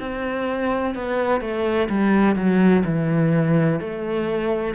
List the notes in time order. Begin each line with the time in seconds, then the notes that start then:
0.00 C4
0.95 B3
1.41 A3
1.89 G3
2.36 F#3
2.85 E3
3.80 A3